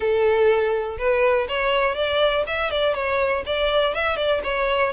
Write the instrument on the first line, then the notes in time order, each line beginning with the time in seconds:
violin
0.00 A4
0.98 B4
1.48 C#5
1.95 D5
2.46 E5
2.70 D5
2.94 C#5
3.46 D5
3.94 E5
4.16 D5
4.43 C#5